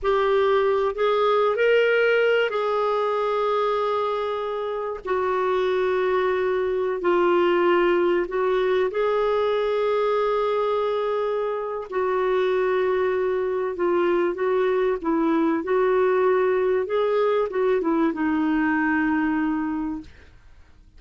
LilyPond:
\new Staff \with { instrumentName = "clarinet" } { \time 4/4 \tempo 4 = 96 g'4. gis'4 ais'4. | gis'1 | fis'2.~ fis'16 f'8.~ | f'4~ f'16 fis'4 gis'4.~ gis'16~ |
gis'2. fis'4~ | fis'2 f'4 fis'4 | e'4 fis'2 gis'4 | fis'8 e'8 dis'2. | }